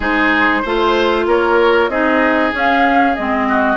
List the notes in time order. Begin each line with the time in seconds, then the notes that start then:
0.00 G#3 D#4 G#4 C5
0.62 A3 F4 C5
1.26 A#3 A#4 C#5
1.89 C4 D#4 G#4 D#5
2.52 C#4 F5
3.15 G#3 C4 D#5
3.48 F#4